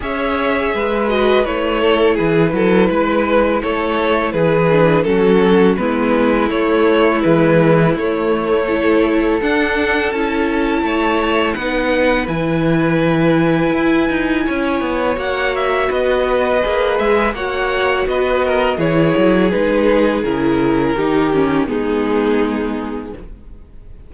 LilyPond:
<<
  \new Staff \with { instrumentName = "violin" } { \time 4/4 \tempo 4 = 83 e''4. dis''8 cis''4 b'4~ | b'4 cis''4 b'4 a'4 | b'4 cis''4 b'4 cis''4~ | cis''4 fis''4 a''2 |
fis''4 gis''2.~ | gis''4 fis''8 e''8 dis''4. e''8 | fis''4 dis''4 cis''4 b'4 | ais'2 gis'2 | }
  \new Staff \with { instrumentName = "violin" } { \time 4/4 cis''4 b'4. a'8 gis'8 a'8 | b'4 a'4 gis'4 fis'4 | e'1 | a'2. cis''4 |
b'1 | cis''2 b'2 | cis''4 b'8 ais'8 gis'2~ | gis'4 g'4 dis'2 | }
  \new Staff \with { instrumentName = "viola" } { \time 4/4 gis'4. fis'8 e'2~ | e'2~ e'8 d'8 cis'4 | b4 a4 gis4 a4 | e'4 d'4 e'2 |
dis'4 e'2.~ | e'4 fis'2 gis'4 | fis'2 e'4 dis'4 | e'4 dis'8 cis'8 b2 | }
  \new Staff \with { instrumentName = "cello" } { \time 4/4 cis'4 gis4 a4 e8 fis8 | gis4 a4 e4 fis4 | gis4 a4 e4 a4~ | a4 d'4 cis'4 a4 |
b4 e2 e'8 dis'8 | cis'8 b8 ais4 b4 ais8 gis8 | ais4 b4 e8 fis8 gis4 | cis4 dis4 gis2 | }
>>